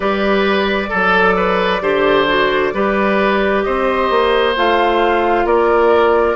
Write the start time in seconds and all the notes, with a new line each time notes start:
0.00 G3 G4 B4 D5
0.89 F#3 A4
1.36 B4
1.81 D3 G4 C5
2.27 F#4
2.73 G3 G4 B4
3.62 C4 C5 D#5
4.10 A#3
4.55 A3 F4 F5
5.45 A#3 A#4 D5